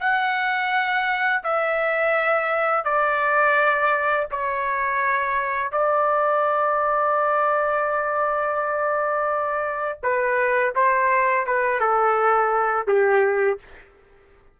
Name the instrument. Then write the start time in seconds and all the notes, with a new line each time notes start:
trumpet
0.00 F#5
1.44 E5
2.84 D5
4.31 C#5
5.72 D5
10.03 B4
10.75 C5
11.46 B4
11.80 A4
12.87 G4